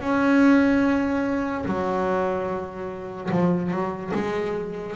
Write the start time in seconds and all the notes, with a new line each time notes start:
0.00 C#4
1.65 F#3
3.31 F3
3.71 F#3
4.14 G#3